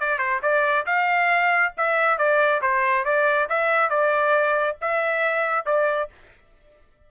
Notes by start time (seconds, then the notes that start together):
0.00 D5
0.19 C5
0.42 D5
0.86 F5
1.77 E5
2.18 D5
2.62 C5
3.05 D5
3.49 E5
3.90 D5
4.81 E5
5.66 D5